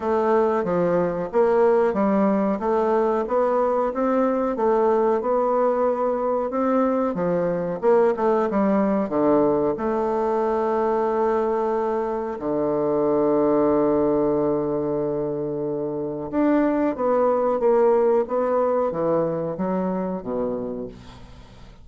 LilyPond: \new Staff \with { instrumentName = "bassoon" } { \time 4/4 \tempo 4 = 92 a4 f4 ais4 g4 | a4 b4 c'4 a4 | b2 c'4 f4 | ais8 a8 g4 d4 a4~ |
a2. d4~ | d1~ | d4 d'4 b4 ais4 | b4 e4 fis4 b,4 | }